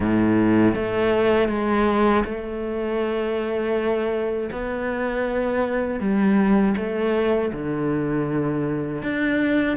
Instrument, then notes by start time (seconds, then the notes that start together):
cello
0.00 A2
0.75 A3
1.49 G#3
2.25 A3
4.51 B3
6.00 G3
6.76 A3
7.52 D3
9.02 D4